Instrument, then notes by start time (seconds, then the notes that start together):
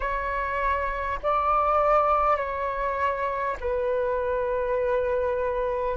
flute
0.00 C#5
1.23 D5
2.36 C#5
3.60 B4